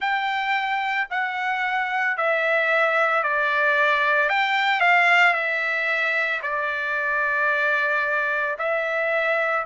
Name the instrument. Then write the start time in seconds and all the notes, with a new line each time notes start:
trumpet
0.00 G5
1.10 F#5
2.17 E5
3.23 D5
4.29 G5
4.80 F5
5.33 E5
6.42 D5
8.58 E5